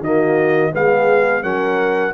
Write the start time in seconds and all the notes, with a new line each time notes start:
0.00 D#3 A#3 F#4 D#5
0.72 G#3 B3 G#4 F5
1.42 F#3 C#4 A#4 F#5